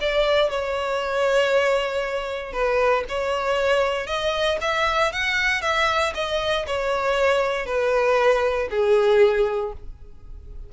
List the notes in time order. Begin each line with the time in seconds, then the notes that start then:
0.00 D5
0.50 C#5
2.53 B4
3.08 C#5
4.07 D#5
4.61 E5
5.12 F#5
5.62 E5
6.14 D#5
6.67 C#5
7.65 B4
8.70 G#4